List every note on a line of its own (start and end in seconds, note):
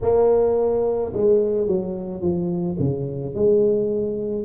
0.02 1.13 A#3
1.13 1.67 G#3
1.67 2.21 F#3
2.21 2.77 F3
2.79 3.34 C#3
3.34 4.45 G#3